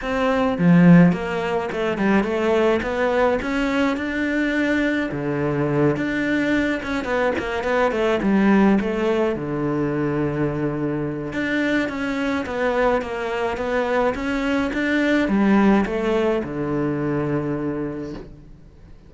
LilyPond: \new Staff \with { instrumentName = "cello" } { \time 4/4 \tempo 4 = 106 c'4 f4 ais4 a8 g8 | a4 b4 cis'4 d'4~ | d'4 d4. d'4. | cis'8 b8 ais8 b8 a8 g4 a8~ |
a8 d2.~ d8 | d'4 cis'4 b4 ais4 | b4 cis'4 d'4 g4 | a4 d2. | }